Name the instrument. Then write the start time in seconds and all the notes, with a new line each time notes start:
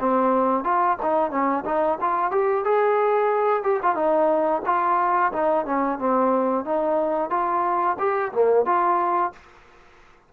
trombone
0.00 C4
0.64 F4
1.03 D#4
1.31 C#4
1.65 D#4
2.01 F4
2.32 G4
2.65 G#4
3.64 G4
3.83 F4
3.96 D#4
4.66 F4
5.33 D#4
5.66 C#4
5.99 C4
6.65 D#4
7.30 F4
7.99 G4
8.33 A#3
8.66 F4